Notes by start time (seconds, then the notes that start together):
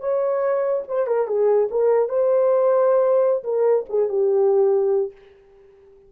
0.00 C#5
0.88 C5
1.07 A#4
1.27 G#4
1.71 A#4
2.09 C5
3.44 A#4
3.89 G#4
4.09 G4